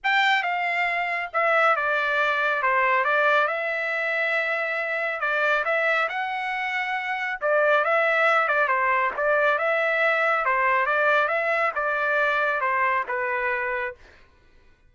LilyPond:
\new Staff \with { instrumentName = "trumpet" } { \time 4/4 \tempo 4 = 138 g''4 f''2 e''4 | d''2 c''4 d''4 | e''1 | d''4 e''4 fis''2~ |
fis''4 d''4 e''4. d''8 | c''4 d''4 e''2 | c''4 d''4 e''4 d''4~ | d''4 c''4 b'2 | }